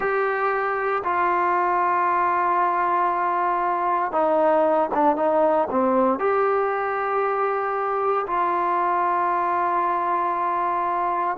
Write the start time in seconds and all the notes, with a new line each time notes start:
0.00 G4
1.03 F4
4.11 D#4
4.94 D4
5.16 D#4
5.70 C4
6.19 G4
8.27 F4